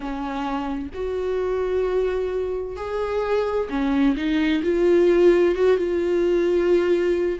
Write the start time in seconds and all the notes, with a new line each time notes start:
0.00 C#4
0.94 F#4
2.76 G#4
3.69 C#4
4.16 D#4
4.63 F4
5.55 F#4
5.77 F4